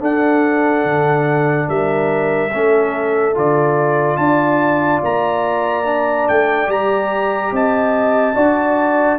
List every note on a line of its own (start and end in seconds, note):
0.00 2.50 D4
0.00 0.84 D4
0.00 1.68 A4
0.00 1.69 F#5
0.84 1.68 D3
1.69 2.52 G3
1.69 2.52 A#4
1.69 3.36 E5
2.54 3.37 A3
2.54 3.35 C#4
2.54 4.20 A4
3.35 4.18 D3
3.35 5.85 F4
3.35 4.17 D5
4.17 5.01 D4
4.17 7.53 D5
4.17 5.00 A5
5.03 6.28 A#3
5.03 6.29 A#5
5.85 6.67 D4
6.29 6.68 A3
6.29 6.71 G5
6.67 7.51 G3
6.67 8.34 G4
6.67 7.54 A#5
7.52 8.35 C4
7.52 8.36 D#5
7.52 9.19 A5
8.35 9.19 D4
8.35 9.19 F#4
8.35 9.19 D5